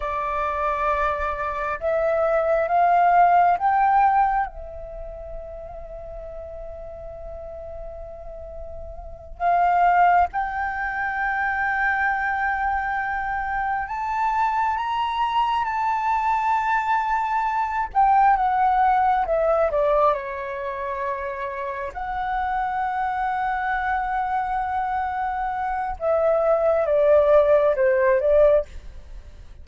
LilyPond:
\new Staff \with { instrumentName = "flute" } { \time 4/4 \tempo 4 = 67 d''2 e''4 f''4 | g''4 e''2.~ | e''2~ e''8 f''4 g''8~ | g''2.~ g''8 a''8~ |
a''8 ais''4 a''2~ a''8 | g''8 fis''4 e''8 d''8 cis''4.~ | cis''8 fis''2.~ fis''8~ | fis''4 e''4 d''4 c''8 d''8 | }